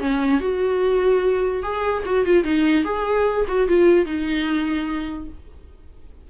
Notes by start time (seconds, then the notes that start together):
0.00 C#4
0.40 F#4
1.63 G#4
2.06 F#4
2.25 F4
2.44 D#4
2.84 G#4
3.48 F#4
3.68 F4
4.06 D#4